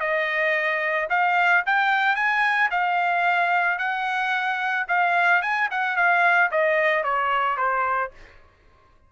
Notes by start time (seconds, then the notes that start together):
0.00 D#5
1.10 F5
1.66 G5
2.16 G#5
2.71 F5
3.79 F#5
4.88 F5
5.42 G#5
5.71 F#5
5.96 F5
6.51 D#5
7.04 C#5
7.57 C5